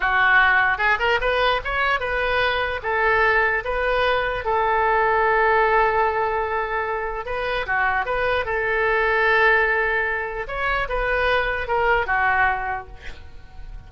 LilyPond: \new Staff \with { instrumentName = "oboe" } { \time 4/4 \tempo 4 = 149 fis'2 gis'8 ais'8 b'4 | cis''4 b'2 a'4~ | a'4 b'2 a'4~ | a'1~ |
a'2 b'4 fis'4 | b'4 a'2.~ | a'2 cis''4 b'4~ | b'4 ais'4 fis'2 | }